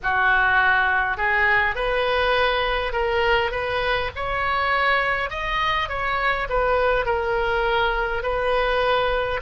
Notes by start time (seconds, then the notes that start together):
0.02 F#4
1.17 G#4
1.75 B4
2.92 A#4
3.51 B4
4.15 C#5
5.29 D#5
5.88 C#5
6.49 B4
7.05 A#4
8.22 B4